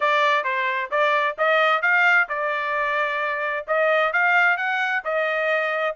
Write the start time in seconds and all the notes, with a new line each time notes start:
0.00 D5
0.44 C5
0.90 D5
1.38 D#5
1.82 F5
2.28 D5
3.67 D#5
4.12 F5
4.57 F#5
5.04 D#5